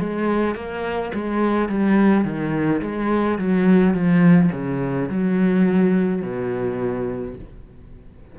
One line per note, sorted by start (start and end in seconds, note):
0.00 0.56 G#3
0.56 1.12 A#3
1.14 1.69 G#3
1.69 2.25 G3
2.25 2.81 D#3
2.82 3.39 G#3
3.39 3.94 F#3
3.94 4.51 F3
4.53 5.09 C#3
5.09 6.22 F#3
6.22 7.35 B2